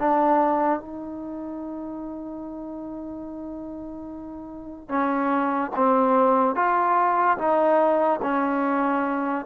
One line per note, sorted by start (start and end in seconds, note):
0.00 0.80 D4
0.80 4.89 D#4
4.89 5.71 C#4
5.76 6.56 C4
6.56 7.38 F4
7.38 8.20 D#4
8.23 9.46 C#4